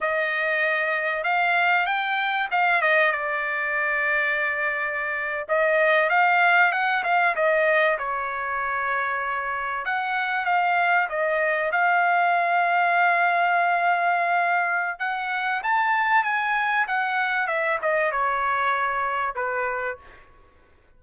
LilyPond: \new Staff \with { instrumentName = "trumpet" } { \time 4/4 \tempo 4 = 96 dis''2 f''4 g''4 | f''8 dis''8 d''2.~ | d''8. dis''4 f''4 fis''8 f''8 dis''16~ | dis''8. cis''2. fis''16~ |
fis''8. f''4 dis''4 f''4~ f''16~ | f''1 | fis''4 a''4 gis''4 fis''4 | e''8 dis''8 cis''2 b'4 | }